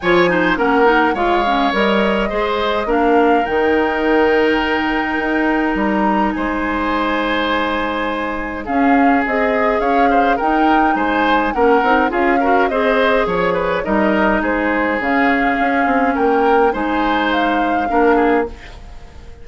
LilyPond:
<<
  \new Staff \with { instrumentName = "flute" } { \time 4/4 \tempo 4 = 104 gis''4 fis''4 f''4 dis''4~ | dis''4 f''4 g''2~ | g''2 ais''4 gis''4~ | gis''2. f''4 |
dis''4 f''4 g''4 gis''4 | fis''4 f''4 dis''4 cis''4 | dis''4 c''4 f''2 | g''4 gis''4 f''2 | }
  \new Staff \with { instrumentName = "oboe" } { \time 4/4 cis''8 c''8 ais'4 cis''2 | c''4 ais'2.~ | ais'2. c''4~ | c''2. gis'4~ |
gis'4 cis''8 c''8 ais'4 c''4 | ais'4 gis'8 ais'8 c''4 cis''8 b'8 | ais'4 gis'2. | ais'4 c''2 ais'8 gis'8 | }
  \new Staff \with { instrumentName = "clarinet" } { \time 4/4 f'8 dis'8 cis'8 dis'8 f'8 cis'8 ais'4 | gis'4 d'4 dis'2~ | dis'1~ | dis'2. cis'4 |
gis'2 dis'2 | cis'8 dis'8 f'8 fis'8 gis'2 | dis'2 cis'2~ | cis'4 dis'2 d'4 | }
  \new Staff \with { instrumentName = "bassoon" } { \time 4/4 f4 ais4 gis4 g4 | gis4 ais4 dis2~ | dis4 dis'4 g4 gis4~ | gis2. cis'4 |
c'4 cis'4 dis'4 gis4 | ais8 c'8 cis'4 c'4 f4 | g4 gis4 cis4 cis'8 c'8 | ais4 gis2 ais4 | }
>>